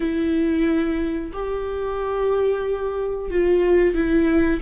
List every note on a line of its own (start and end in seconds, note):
0.00 1.32 E4
1.32 3.30 G4
3.30 3.94 F4
3.94 4.60 E4